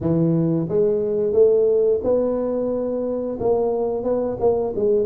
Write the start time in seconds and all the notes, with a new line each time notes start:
0.00 E3
0.68 G#3
1.32 A3
2.03 B3
3.40 A#3
4.03 B3
4.40 A#3
4.75 G#3